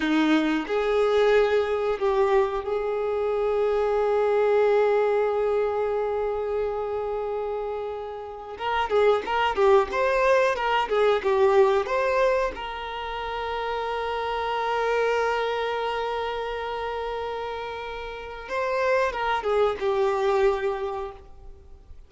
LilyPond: \new Staff \with { instrumentName = "violin" } { \time 4/4 \tempo 4 = 91 dis'4 gis'2 g'4 | gis'1~ | gis'1~ | gis'4 ais'8 gis'8 ais'8 g'8 c''4 |
ais'8 gis'8 g'4 c''4 ais'4~ | ais'1~ | ais'1 | c''4 ais'8 gis'8 g'2 | }